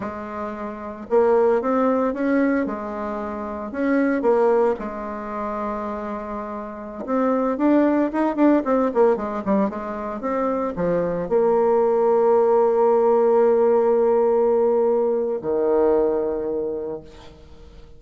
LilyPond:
\new Staff \with { instrumentName = "bassoon" } { \time 4/4 \tempo 4 = 113 gis2 ais4 c'4 | cis'4 gis2 cis'4 | ais4 gis2.~ | gis4~ gis16 c'4 d'4 dis'8 d'16~ |
d'16 c'8 ais8 gis8 g8 gis4 c'8.~ | c'16 f4 ais2~ ais8.~ | ais1~ | ais4 dis2. | }